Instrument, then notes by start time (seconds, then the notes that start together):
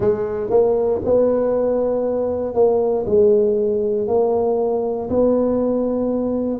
tuba
0.00 G#3
0.49 A#3
1.04 B3
2.54 A#3
3.06 G#3
4.07 A#3
5.09 B3